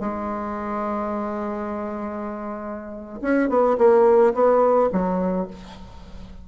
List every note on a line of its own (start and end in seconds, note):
0.00 3.19 G#3
3.21 3.49 C#4
3.49 3.77 B3
3.78 4.34 A#3
4.34 4.90 B3
4.92 5.48 F#3